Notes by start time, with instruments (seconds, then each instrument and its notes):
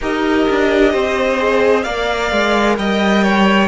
0.01 cello D#4, viola G4, violin A#4 D#5
0.49 cello D4
0.92 cello C4, violin C5
1.37 viola G#4
1.83 cello A#3, viola A#4, violin D5 F5
2.31 cello G#3
2.77 cello G3, violin D#5 G5
3.23 violin C#5